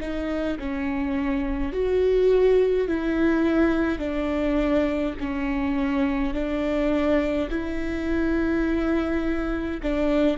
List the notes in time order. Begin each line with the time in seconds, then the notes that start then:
0.00 D#4
0.59 C#4
1.73 F#4
2.88 E4
3.99 D4
5.19 C#4
6.34 D4
7.49 E4
9.82 D4